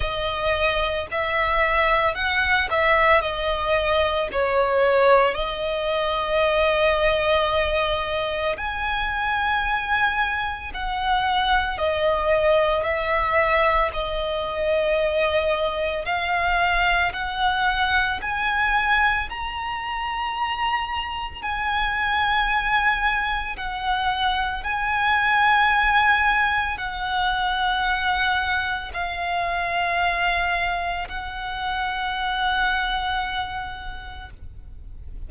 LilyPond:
\new Staff \with { instrumentName = "violin" } { \time 4/4 \tempo 4 = 56 dis''4 e''4 fis''8 e''8 dis''4 | cis''4 dis''2. | gis''2 fis''4 dis''4 | e''4 dis''2 f''4 |
fis''4 gis''4 ais''2 | gis''2 fis''4 gis''4~ | gis''4 fis''2 f''4~ | f''4 fis''2. | }